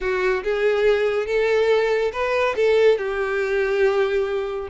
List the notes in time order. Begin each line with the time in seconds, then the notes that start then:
0.00 F#4
0.43 G#4
1.26 A4
2.12 B4
2.56 A4
2.98 G4